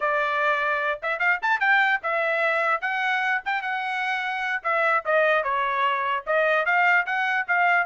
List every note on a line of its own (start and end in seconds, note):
0.00 1.00 D5
1.02 1.19 E5
1.19 1.39 F5
1.42 1.60 A5
1.60 2.00 G5
2.02 2.81 E5
2.81 3.41 F#5
3.45 3.61 G5
3.61 4.62 F#5
4.63 5.03 E5
5.05 5.43 D#5
5.43 6.24 C#5
6.26 6.65 D#5
6.65 7.05 F5
7.05 7.46 F#5
7.47 7.86 F5